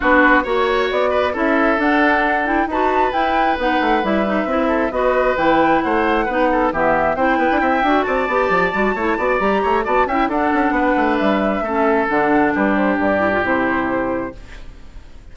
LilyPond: <<
  \new Staff \with { instrumentName = "flute" } { \time 4/4 \tempo 4 = 134 b'4 cis''4 d''4 e''4 | fis''4. g''8 a''4 g''4 | fis''4 e''2 dis''4 | g''4 fis''2 e''4 |
g''2 a''2~ | a''4 ais''4 a''8 g''8 fis''4~ | fis''4 e''2 fis''4 | b'8 c''8 d''4 c''2 | }
  \new Staff \with { instrumentName = "oboe" } { \time 4/4 fis'4 cis''4. b'8 a'4~ | a'2 b'2~ | b'2~ b'8 a'8 b'4~ | b'4 c''4 b'8 a'8 g'4 |
c''8 b'8 e''4 d''2 | cis''8 d''4 cis''8 d''8 e''8 a'4 | b'2 a'2 | g'1 | }
  \new Staff \with { instrumentName = "clarinet" } { \time 4/4 d'4 fis'2 e'4 | d'4. e'8 fis'4 e'4 | dis'4 e'8 dis'8 e'4 fis'4 | e'2 dis'4 b4 |
e'4. fis'4 g'4 fis'8 | e'8 fis'8 g'4 fis'8 e'8 d'4~ | d'2 cis'4 d'4~ | d'4. e'16 f'16 e'2 | }
  \new Staff \with { instrumentName = "bassoon" } { \time 4/4 b4 ais4 b4 cis'4 | d'2 dis'4 e'4 | b8 a8 g4 c'4 b4 | e4 a4 b4 e4 |
c'8 b16 d'16 c'8 d'8 c'8 b8 f8 g8 | a8 b8 g8 a8 b8 cis'8 d'8 cis'8 | b8 a8 g4 a4 d4 | g4 g,4 c2 | }
>>